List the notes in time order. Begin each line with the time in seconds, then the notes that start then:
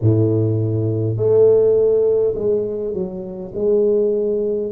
0.01 A2
1.17 A3
2.34 G#3
2.93 F#3
3.54 G#3